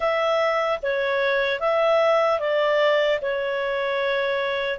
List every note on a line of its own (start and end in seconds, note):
0.00 0.79 E5
0.82 1.60 C#5
1.60 2.39 E5
2.39 3.19 D5
3.21 4.79 C#5